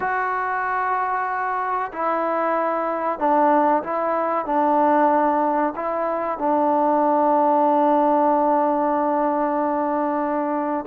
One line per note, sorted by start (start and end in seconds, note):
0.00 1.91 F#4
1.92 3.19 E4
3.19 3.83 D4
3.83 4.45 E4
4.45 5.73 D4
5.75 6.38 E4
6.38 10.85 D4